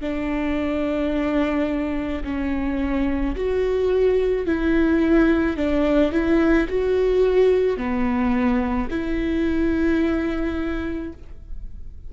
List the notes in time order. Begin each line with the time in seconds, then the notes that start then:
0.00 D4
2.24 C#4
3.35 F#4
4.45 E4
5.57 D4
6.12 E4
6.68 F#4
7.77 B3
8.90 E4